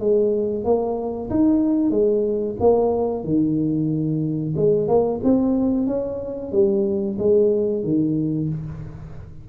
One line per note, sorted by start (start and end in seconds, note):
0.00 0.65 G#3
0.65 1.30 A#3
1.30 1.91 D#4
1.91 2.56 G#3
2.60 3.24 A#3
3.24 4.55 D#3
4.57 4.89 G#3
4.89 5.21 A#3
5.24 5.87 C4
5.87 6.52 C#4
6.52 7.17 G3
7.19 7.84 G#3
7.84 8.49 D#3